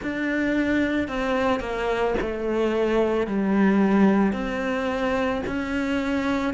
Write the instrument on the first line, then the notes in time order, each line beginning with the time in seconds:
cello
0.02 D4
1.08 C4
1.60 A#3
2.21 A3
3.27 G3
4.32 C4
5.46 C#4